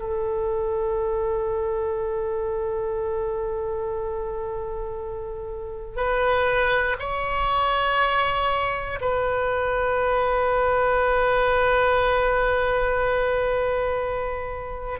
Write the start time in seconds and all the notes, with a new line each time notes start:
0.00 A4
5.96 B4
7.00 C#5
9.01 B4